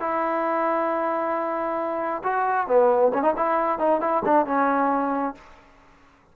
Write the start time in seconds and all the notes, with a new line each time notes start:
0.00 E4
2.23 F#4
2.67 B3
3.13 C#4
3.22 D#4
3.36 E4
3.79 D#4
4.01 E4
4.25 D4
4.46 C#4